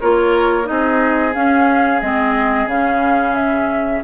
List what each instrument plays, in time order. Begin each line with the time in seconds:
0.00 bassoon A#3, clarinet F4, oboe A#4, flute C#5
0.63 clarinet D#4, flute D#5
0.70 bassoon C4, oboe G#4
1.34 clarinet C#4, bassoon C#4, flute F5
2.01 bassoon G#3, clarinet C4, flute D#5
2.66 bassoon C#3, clarinet C#4, flute F5
3.35 flute E5